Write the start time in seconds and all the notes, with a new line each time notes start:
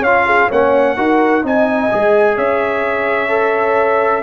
0.00 C#4 C#5 F5
0.06 F4
0.26 G#4
0.49 A#3 C#4 C#5 F#5
0.96 D#4 F#4 A#4
1.43 C4 D#4 D#5 G#5
1.91 G#3 G#4
2.36 C#4 C#5 E5
3.29 A4